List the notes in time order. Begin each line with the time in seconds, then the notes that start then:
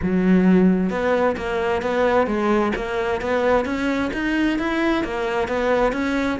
0.02 F#3
0.90 B3
1.37 A#3
1.82 B3
2.26 G#3
2.75 A#3
3.21 B3
3.65 C#4
4.13 D#4
4.58 E4
5.04 A#3
5.48 B3
5.92 C#4